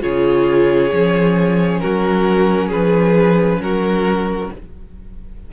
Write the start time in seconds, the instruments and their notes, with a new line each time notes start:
0.00 cello C#3, viola F4, violin G#4 C#5
0.93 cello F3, viola C#4
1.80 cello F#3, violin F#4 A#4
2.68 cello F3, violin G#4 B4
3.59 cello F#3, violin F#4 A#4